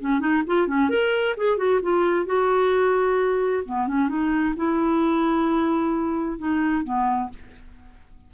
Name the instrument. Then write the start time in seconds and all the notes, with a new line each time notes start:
clarinet
0.00 C#4
0.20 D#4
0.47 F4
0.67 C#4
0.90 A#4
1.37 G#4
1.57 F#4
1.82 F4
2.26 F#4
3.66 B3
3.87 C#4
4.09 D#4
4.56 E4
6.38 D#4
6.84 B3